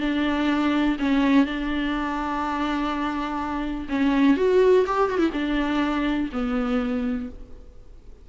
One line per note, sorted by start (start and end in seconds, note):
0.00 0.97 D4
0.99 1.46 C#4
1.46 3.88 D4
3.89 4.37 C#4
4.37 4.85 F#4
4.87 5.10 G4
5.10 5.18 F#4
5.18 5.30 E4
5.33 6.30 D4
6.32 7.29 B3